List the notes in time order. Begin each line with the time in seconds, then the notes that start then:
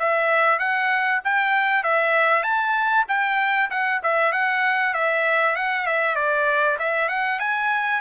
0.00 E5
0.60 F#5
1.25 G5
1.84 E5
2.43 A5
3.08 G5
3.71 F#5
4.04 E5
4.33 F#5
4.94 E5
5.56 F#5
5.87 E5
6.16 D5
6.80 E5
7.09 F#5
7.40 G#5